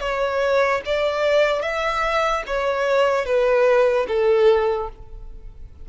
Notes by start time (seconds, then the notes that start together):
0.00 C#5
0.86 D5
1.62 E5
2.47 C#5
3.25 B4
4.08 A4